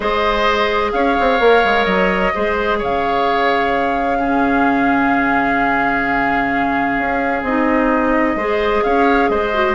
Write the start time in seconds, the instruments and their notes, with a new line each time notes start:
0.00 bassoon G#3, clarinet G#4, oboe C5, flute D#5
0.92 bassoon C#4, oboe C#5, flute F5
1.19 bassoon C4
1.40 bassoon A#3, clarinet A#4
1.64 bassoon G#3
1.84 bassoon F#3, flute D#5
2.34 bassoon G#3, clarinet G#4, oboe C5
2.78 bassoon C#3, oboe C#5, flute F5
4.19 clarinet C#4, oboe G#4
6.98 bassoon C#4
7.42 bassoon C4, clarinet D#4, flute D#5
8.35 bassoon G#3, clarinet G#4, oboe C5
8.83 bassoon C#4, oboe C#5, flute F5
9.29 bassoon G#3, oboe C5, flute D#5
9.53 clarinet F#4